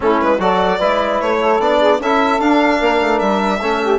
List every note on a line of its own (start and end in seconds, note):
0.00 0.21 A3
0.00 0.38 C#4
0.00 0.40 E4
0.00 0.20 A4
0.20 0.38 G#3
0.20 0.40 B4
0.38 0.78 F#3
0.38 0.80 F#4
0.38 0.78 A4
0.38 1.20 D5
0.78 1.21 G#3
0.78 1.60 E4
0.78 1.38 B4
1.20 1.59 A3
1.20 1.60 C#5
1.41 1.79 A4
1.59 1.99 B3
1.59 2.01 D4
1.59 2.01 D5
1.79 1.99 G#4
1.99 2.39 C#4
1.99 2.39 E4
1.99 2.79 A4
1.99 2.40 E5
2.39 3.59 D4
2.39 2.80 D4
2.39 3.18 F5
2.79 3.01 A#3
2.79 3.59 A#4
3.01 3.20 A3
3.18 3.60 G3
3.18 3.98 E5
3.60 3.99 A3
3.60 3.99 C#4
3.60 3.80 A4
3.82 3.99 G4